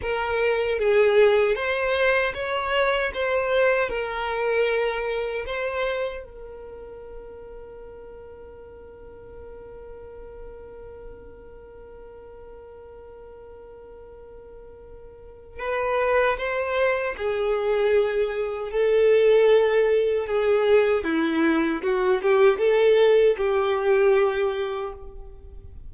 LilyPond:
\new Staff \with { instrumentName = "violin" } { \time 4/4 \tempo 4 = 77 ais'4 gis'4 c''4 cis''4 | c''4 ais'2 c''4 | ais'1~ | ais'1~ |
ais'1 | b'4 c''4 gis'2 | a'2 gis'4 e'4 | fis'8 g'8 a'4 g'2 | }